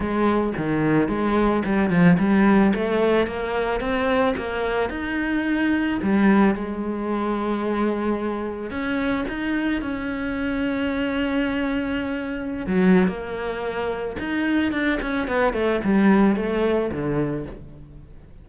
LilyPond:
\new Staff \with { instrumentName = "cello" } { \time 4/4 \tempo 4 = 110 gis4 dis4 gis4 g8 f8 | g4 a4 ais4 c'4 | ais4 dis'2 g4 | gis1 |
cis'4 dis'4 cis'2~ | cis'2.~ cis'16 fis8. | ais2 dis'4 d'8 cis'8 | b8 a8 g4 a4 d4 | }